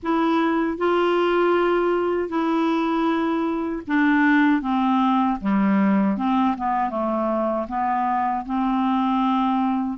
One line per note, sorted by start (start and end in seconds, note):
0.02 0.77 E4
0.77 2.28 F4
2.28 3.82 E4
3.87 4.61 D4
4.61 5.38 C4
5.41 6.17 G3
6.17 6.55 C4
6.57 6.90 B3
6.90 7.66 A3
7.68 8.45 B3
8.45 9.98 C4